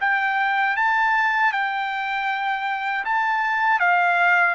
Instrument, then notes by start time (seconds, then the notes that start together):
trumpet
0.00 G5
0.76 A5
1.52 G5
3.05 A5
3.79 F5